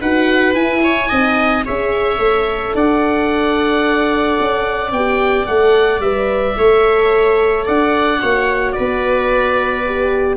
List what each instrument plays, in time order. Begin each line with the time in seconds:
0.00 tuba D#4, horn F#4, viola B4, oboe F#5
0.54 tuba E4, horn E4, oboe G#5
0.83 viola C#5
1.08 tuba C4, horn D#4, viola D#5
1.65 tuba C#4, horn G#4, viola C#5, oboe E5
2.18 tuba A3, horn A4
2.74 tuba D4, viola D5, oboe F#5
4.40 tuba C#4
4.91 tuba B3, horn G4, oboe G5
5.46 tuba A3, horn A4, oboe F#5
5.99 tuba G3, horn B4, oboe E5
6.56 tuba A3, horn A4, viola C#5
7.65 tuba D4, viola D5, oboe F#5
8.19 tuba A#3, horn F#4, viola C#5
8.72 viola B4, oboe D5
8.79 tuba B3
9.85 horn G4